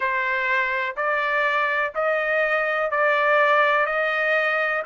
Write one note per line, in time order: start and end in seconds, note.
0.00 0.95 C5
0.96 1.93 D5
1.94 2.90 D#5
2.90 3.86 D5
3.86 4.83 D#5